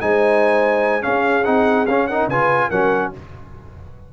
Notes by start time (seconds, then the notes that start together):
0.00 G#3 D#4 C5 G#5
1.01 C#4 G#4 F5
1.44 C4 D#4 F#5
1.86 C#4 F5
2.07 D#4 A#4 F#5
2.27 C#3 F4 B4 G#5
2.69 F#3 C#4 A#4 F#5